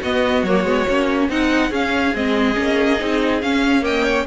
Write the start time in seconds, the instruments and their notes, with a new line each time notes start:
0.00 cello B3, viola B3, violin F#4 D#5
0.43 cello F#3, viola A#3, violin C#5
0.63 cello G#3, viola B3
0.89 cello A#3, viola C#4
1.29 cello C4, violin D#4 F#5, viola D#4
1.70 viola C#4, cello C#4, violin G#4 F5
2.14 cello G#3, viola C4, violin D#5
2.54 cello A#3, viola C#4
2.99 cello C4, viola D#4
3.42 cello C#4, viola C#4, violin F5
3.82 viola A#3, violin D#5 G5
4.03 violin C#5